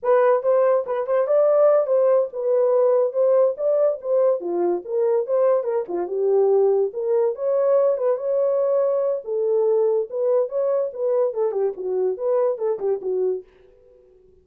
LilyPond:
\new Staff \with { instrumentName = "horn" } { \time 4/4 \tempo 4 = 143 b'4 c''4 b'8 c''8 d''4~ | d''8 c''4 b'2 c''8~ | c''8 d''4 c''4 f'4 ais'8~ | ais'8 c''4 ais'8 f'8 g'4.~ |
g'8 ais'4 cis''4. b'8 cis''8~ | cis''2 a'2 | b'4 cis''4 b'4 a'8 g'8 | fis'4 b'4 a'8 g'8 fis'4 | }